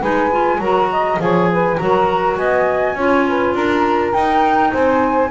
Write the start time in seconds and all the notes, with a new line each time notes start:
0.00 G#3 D#4 B4 G#5
0.31 F4
0.59 F#3 F#4 A#4 A#5
0.92 D#5
1.18 F3 G#4 C#5 G#5
1.52 B4
1.78 F#3 F#4 A#4 A#5
2.37 B3 D#5 G#5
2.95 C#4 F4 C#5
3.28 B4
3.54 D4 A#4 A#5
4.13 D#4 G5
4.72 C4 C5 G#5